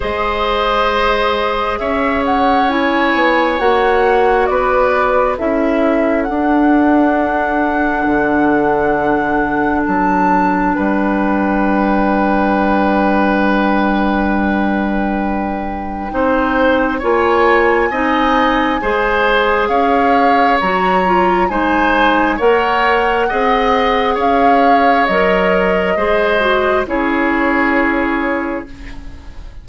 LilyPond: <<
  \new Staff \with { instrumentName = "flute" } { \time 4/4 \tempo 4 = 67 dis''2 e''8 fis''8 gis''4 | fis''4 d''4 e''4 fis''4~ | fis''2. a''4 | g''1~ |
g''2. gis''4~ | gis''2 f''4 ais''4 | gis''4 fis''2 f''4 | dis''2 cis''2 | }
  \new Staff \with { instrumentName = "oboe" } { \time 4/4 c''2 cis''2~ | cis''4 b'4 a'2~ | a'1 | b'1~ |
b'2 c''4 cis''4 | dis''4 c''4 cis''2 | c''4 cis''4 dis''4 cis''4~ | cis''4 c''4 gis'2 | }
  \new Staff \with { instrumentName = "clarinet" } { \time 4/4 gis'2. e'4 | fis'2 e'4 d'4~ | d'1~ | d'1~ |
d'2 dis'4 f'4 | dis'4 gis'2 fis'8 f'8 | dis'4 ais'4 gis'2 | ais'4 gis'8 fis'8 e'2 | }
  \new Staff \with { instrumentName = "bassoon" } { \time 4/4 gis2 cis'4. b8 | ais4 b4 cis'4 d'4~ | d'4 d2 fis4 | g1~ |
g2 c'4 ais4 | c'4 gis4 cis'4 fis4 | gis4 ais4 c'4 cis'4 | fis4 gis4 cis'2 | }
>>